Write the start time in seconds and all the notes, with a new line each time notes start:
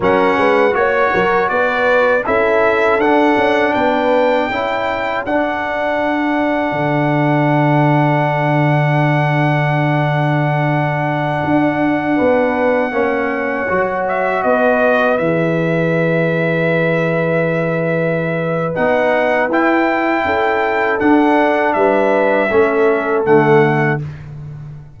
0.00 F#3 C#4 A#4 F#5
0.37 G#3 B4
0.71 A#3 F#4 C#5
0.77 C#5
1.13 F#3 A#4
1.48 B3 B4 D5
2.25 C#4 E4 A4 E5
2.98 D4 F#5
3.36 C#4
3.73 B3 B4 G5
4.48 C#4 E4 A4
5.25 D4 F#5
6.71 D3
11.43 D4
12.15 B3 B4
12.91 A#3 C#4 C#5
13.68 F#3 F#4
14.08 E5
14.42 B3 B4 D#5
15.17 E3 G#4 E5
18.74 B3 D#4 F#5
19.48 E4 G5
20.24 C#4 A4
20.99 D4 F#5
21.73 G3 B4 E5
22.50 A3 C#4 A4
23.24 D3 A3 F#5